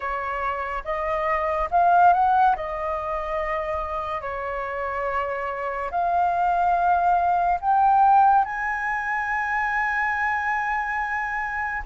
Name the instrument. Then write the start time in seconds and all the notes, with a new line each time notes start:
flute
0.00 C#5
0.84 D#5
1.71 F5
2.13 F#5
2.55 D#5
4.21 C#5
5.90 F5
7.61 G5
8.44 G#5